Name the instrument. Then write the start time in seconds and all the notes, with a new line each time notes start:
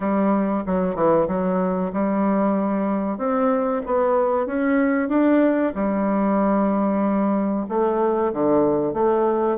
bassoon
0.00 G3
0.66 F#3
0.95 E3
1.27 F#3
1.93 G3
3.17 C4
3.86 B3
4.46 C#4
5.08 D4
5.74 G3
7.68 A3
8.32 D3
8.93 A3